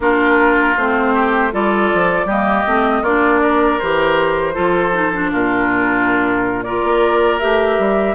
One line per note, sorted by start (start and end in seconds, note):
0.00 0.75 A#3
0.00 0.77 D4
0.00 1.13 F4
0.00 0.77 A#4
0.77 1.53 A3
0.77 1.52 C4
0.77 1.53 C5
1.13 1.51 G4
1.52 1.91 G3
1.52 2.28 F4
1.52 2.26 A4
1.52 2.29 D5
1.94 2.25 F3
2.25 2.63 G3
2.25 2.66 A#3
2.25 3.02 G4
2.25 3.03 D#5
2.66 3.01 A3
2.66 3.04 C4
3.01 3.77 A#3
3.01 3.81 D4
3.01 3.40 F4
3.01 3.79 D5
3.41 4.54 A#4
3.79 4.56 E3
3.79 4.53 G4
3.79 5.31 C5
4.53 5.32 F3
4.53 4.91 F4
4.53 5.30 A4
4.93 5.12 D#4
5.13 6.65 D4
5.31 6.83 A#2
5.31 6.64 F4
5.31 6.62 A#4
6.62 7.40 F4
6.62 8.15 A#4
6.62 7.38 D5
6.83 7.40 A#3
7.39 7.78 A3
7.39 8.15 G4
7.39 8.15 E5
7.78 8.15 G3